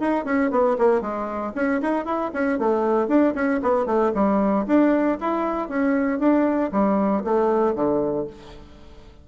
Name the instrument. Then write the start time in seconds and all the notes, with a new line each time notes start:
bassoon
0.00 D#4
0.25 C#4
0.51 B3
0.79 A#3
1.02 G#3
1.56 C#4
1.82 D#4
2.06 E4
2.34 C#4
2.59 A3
3.08 D4
3.35 C#4
3.63 B3
3.87 A3
4.15 G3
4.67 D4
5.21 E4
5.69 C#4
6.20 D4
6.72 G3
7.25 A3
7.76 D3